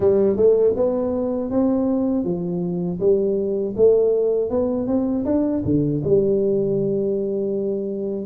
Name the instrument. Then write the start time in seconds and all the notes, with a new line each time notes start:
tuba
0.00 G3
0.36 A3
0.76 B3
1.50 C4
2.24 F3
3.00 G3
3.76 A3
4.50 B3
4.87 C4
5.25 D4
5.64 D3
6.04 G3